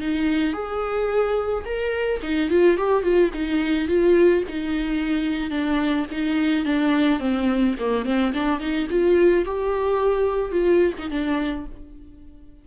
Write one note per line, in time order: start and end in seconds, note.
0.00 0.53 D#4
0.53 1.64 G#4
1.65 2.20 A#4
2.22 2.50 D#4
2.50 2.77 F4
2.77 3.03 G4
3.03 3.30 F4
3.33 3.88 D#4
3.88 4.43 F4
4.48 5.50 D#4
5.50 6.06 D4
6.11 6.65 D#4
6.65 7.19 D4
7.19 7.75 C4
7.79 8.05 A#3
8.05 8.33 C4
8.33 8.60 D4
8.60 8.87 D#4
8.90 9.45 F4
9.45 10.51 G4
10.51 10.93 F4
10.98 11.10 D#4
11.10 11.65 D4